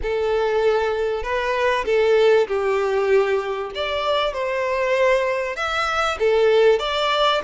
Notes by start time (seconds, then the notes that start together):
0.02 A4
1.23 B4
1.85 A4
2.47 G4
3.74 D5
4.33 C5
5.56 E5
6.19 A4
6.79 D5